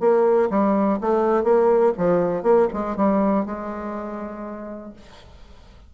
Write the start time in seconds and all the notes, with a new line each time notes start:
0.00 A#3
0.50 G3
1.01 A3
1.44 A#3
1.98 F3
2.43 A#3
2.73 G#3
2.96 G3
3.46 G#3